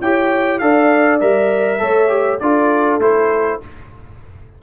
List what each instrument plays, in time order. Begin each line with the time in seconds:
0.00 tuba E4, trombone G4, horn C#5, trumpet G5
0.58 tuba D4, trombone A4, horn D5, trumpet F5
1.20 tuba G3, trombone A#4, trumpet E5
1.78 tuba A3, trombone A4, horn C#5
2.08 trombone G4
2.39 tuba D4, trombone F4, horn A4, trumpet D5
2.98 tuba A3, trombone E4, trumpet C5